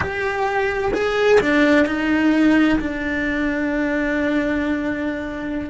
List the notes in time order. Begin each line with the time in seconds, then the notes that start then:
0.00 G4
0.93 G#4
1.40 D4
1.86 D#4
2.79 D4